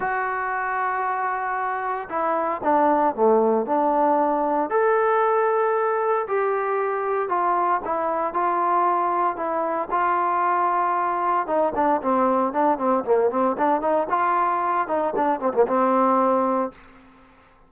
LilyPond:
\new Staff \with { instrumentName = "trombone" } { \time 4/4 \tempo 4 = 115 fis'1 | e'4 d'4 a4 d'4~ | d'4 a'2. | g'2 f'4 e'4 |
f'2 e'4 f'4~ | f'2 dis'8 d'8 c'4 | d'8 c'8 ais8 c'8 d'8 dis'8 f'4~ | f'8 dis'8 d'8 c'16 ais16 c'2 | }